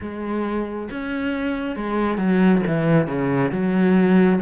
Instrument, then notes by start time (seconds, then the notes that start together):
cello
0.00 G#3
0.91 C#4
1.76 G#3
2.17 F#3
2.66 E3
3.06 C#3
3.51 F#3